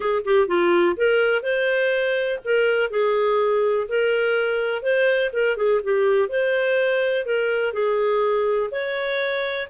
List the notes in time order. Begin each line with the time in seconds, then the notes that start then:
0.00 G#4
0.24 G4
0.47 F4
0.96 A#4
1.42 C5
2.44 A#4
2.90 G#4
3.88 A#4
4.82 C5
5.32 A#4
5.56 G#4
5.83 G4
6.29 C5
7.25 A#4
7.73 G#4
8.71 C#5